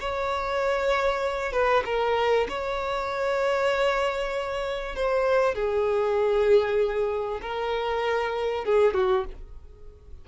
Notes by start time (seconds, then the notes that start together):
0.00 C#5
1.52 B4
1.86 A#4
2.49 C#5
4.95 C5
5.55 G#4
7.42 A#4
8.65 G#4
8.94 F#4